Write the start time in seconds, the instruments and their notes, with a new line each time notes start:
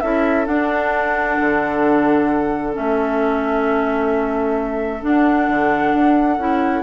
0.00 bassoon C#4, clarinet E4, oboe A4, flute E5
0.46 clarinet D4, bassoon D4, flute F#5
1.40 bassoon D3
2.72 bassoon A3, clarinet C#4, flute E5
5.01 clarinet D4, bassoon D4, flute F#5
5.48 bassoon D3
5.93 bassoon D4
6.37 bassoon C#4, clarinet E4